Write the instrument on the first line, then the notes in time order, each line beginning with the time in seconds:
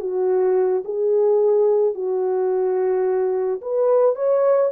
horn
0.00 F#4
0.84 G#4
1.94 F#4
3.61 B4
4.15 C#5